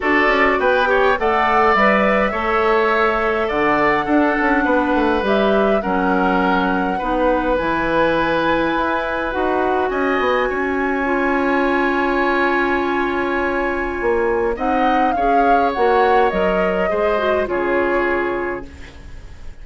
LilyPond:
<<
  \new Staff \with { instrumentName = "flute" } { \time 4/4 \tempo 4 = 103 d''4 g''4 fis''4 e''4~ | e''2 fis''2~ | fis''4 e''4 fis''2~ | fis''4 gis''2. |
fis''4 gis''2.~ | gis''1~ | gis''4 fis''4 f''4 fis''4 | dis''2 cis''2 | }
  \new Staff \with { instrumentName = "oboe" } { \time 4/4 a'4 b'8 cis''8 d''2 | cis''2 d''4 a'4 | b'2 ais'2 | b'1~ |
b'4 dis''4 cis''2~ | cis''1~ | cis''4 dis''4 cis''2~ | cis''4 c''4 gis'2 | }
  \new Staff \with { instrumentName = "clarinet" } { \time 4/4 fis'4. g'8 a'4 b'4 | a'2. d'4~ | d'4 g'4 cis'2 | dis'4 e'2. |
fis'2. f'4~ | f'1~ | f'4 dis'4 gis'4 fis'4 | ais'4 gis'8 fis'8 f'2 | }
  \new Staff \with { instrumentName = "bassoon" } { \time 4/4 d'8 cis'8 b4 a4 g4 | a2 d4 d'8 cis'8 | b8 a8 g4 fis2 | b4 e2 e'4 |
dis'4 cis'8 b8 cis'2~ | cis'1 | ais4 c'4 cis'4 ais4 | fis4 gis4 cis2 | }
>>